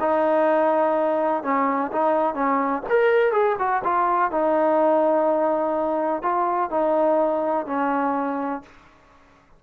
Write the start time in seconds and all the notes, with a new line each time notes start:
0.00 D#4
1.43 C#4
1.92 D#4
2.35 C#4
2.89 A#4
3.32 G#4
3.58 F#4
3.84 F4
4.31 D#4
6.22 F4
6.70 D#4
7.66 C#4